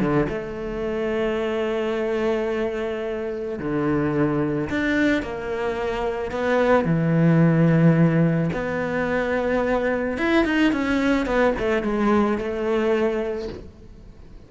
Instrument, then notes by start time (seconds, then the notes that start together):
cello
0.00 D3
0.29 A3
3.59 D3
4.70 D4
5.23 A#3
6.32 B3
6.85 E3
8.53 B3
10.18 E4
10.45 D#4
10.73 C#4
11.26 B3
11.59 A3
11.83 G#3
12.38 A3